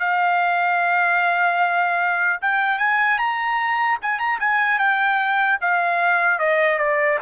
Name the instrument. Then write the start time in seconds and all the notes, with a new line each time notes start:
trumpet
0.00 F5
2.42 G5
2.79 G#5
3.19 A#5
4.02 G#5
4.19 A#5
4.40 G#5
4.79 G5
5.61 F5
6.39 D#5
6.79 D5